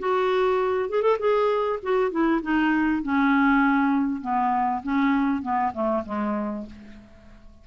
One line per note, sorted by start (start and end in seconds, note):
0.00 0.90 F#4
0.90 1.03 G#4
1.03 1.18 A4
1.20 1.80 G#4
1.83 2.11 F#4
2.11 2.42 E4
2.43 3.03 D#4
3.03 4.22 C#4
4.22 4.83 B3
4.83 5.42 C#4
5.42 5.73 B3
5.74 6.04 A3
6.06 6.67 G#3